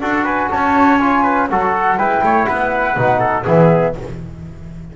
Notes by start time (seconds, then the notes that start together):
0.00 D4 F#4 A4 F#5
0.24 B4 G#5
0.50 C#4 C#5 A5
0.98 F4 G#5
1.23 B4
1.49 F#3 F#4 A4 F#5
1.97 G#3 E4 B4 G5
2.23 A3 C#5
2.44 B3 B4 F#5
2.96 B2 D#4
3.19 A4
3.44 E3 B3 G#4 E5